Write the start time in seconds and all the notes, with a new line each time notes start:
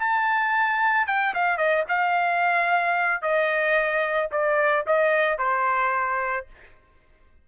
0.00 A5
1.07 G5
1.35 F5
1.58 D#5
1.89 F5
3.22 D#5
4.32 D5
4.87 D#5
5.39 C5